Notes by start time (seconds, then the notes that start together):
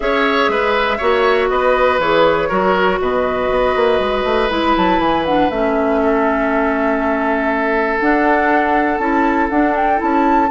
0.00 C#4 G#4 C#5 E5
0.48 G#3 B4
0.97 A#3 F#4 C#5
1.49 B3 B4 D#5
1.98 E3 G#4 C#5
2.48 F#3 F#4 A#4
3.00 B2 B4 D#5
3.50 B3
3.75 A#3
3.99 G#3
4.24 A3
4.49 G#3 E4 B5
4.76 F#3 A5
4.98 E3 G#5
5.25 D4 F#5
5.50 A3 C#4 E5
6.02 A4
7.99 D4 F#5
8.97 C#4 E4 A5
9.49 D4 F#5
9.75 G5
9.96 C#4 E4 A5